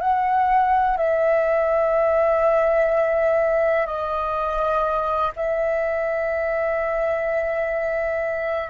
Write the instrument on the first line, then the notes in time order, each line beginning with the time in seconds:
flute
0.00 F#5
0.97 E5
3.86 D#5
5.36 E5